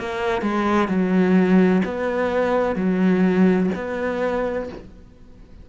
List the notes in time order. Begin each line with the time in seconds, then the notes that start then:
0.00 A#3
0.42 G#3
0.89 F#3
1.85 B3
2.76 F#3
3.75 B3